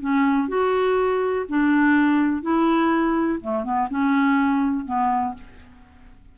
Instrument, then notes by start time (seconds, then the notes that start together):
clarinet
0.00 C#4
0.48 F#4
1.48 D4
2.42 E4
3.40 A3
3.63 B3
3.89 C#4
4.85 B3